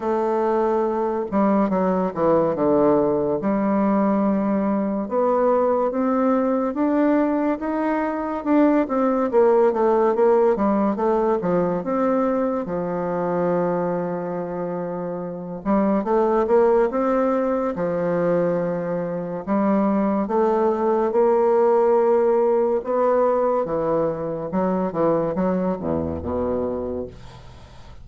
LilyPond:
\new Staff \with { instrumentName = "bassoon" } { \time 4/4 \tempo 4 = 71 a4. g8 fis8 e8 d4 | g2 b4 c'4 | d'4 dis'4 d'8 c'8 ais8 a8 | ais8 g8 a8 f8 c'4 f4~ |
f2~ f8 g8 a8 ais8 | c'4 f2 g4 | a4 ais2 b4 | e4 fis8 e8 fis8 e,8 b,4 | }